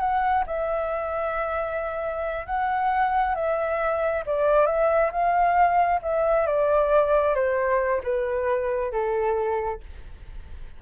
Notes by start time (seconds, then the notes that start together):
0.00 F#5
0.47 E5
2.46 F#5
3.35 E5
4.26 D5
4.66 E5
5.12 F5
6.02 E5
6.47 D5
7.35 C5
8.04 B4
8.92 A4